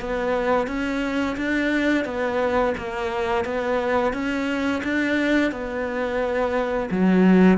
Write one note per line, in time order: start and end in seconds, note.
0.00 0.67 B3
0.67 1.36 C#4
1.36 2.04 D4
2.04 2.73 B3
2.77 3.44 A#3
3.44 4.13 B3
4.13 4.82 C#4
4.83 5.51 D4
5.51 6.89 B3
6.90 7.58 F#3